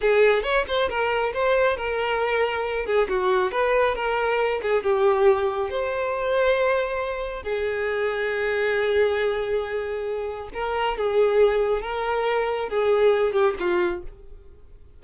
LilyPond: \new Staff \with { instrumentName = "violin" } { \time 4/4 \tempo 4 = 137 gis'4 cis''8 c''8 ais'4 c''4 | ais'2~ ais'8 gis'8 fis'4 | b'4 ais'4. gis'8 g'4~ | g'4 c''2.~ |
c''4 gis'2.~ | gis'1 | ais'4 gis'2 ais'4~ | ais'4 gis'4. g'8 f'4 | }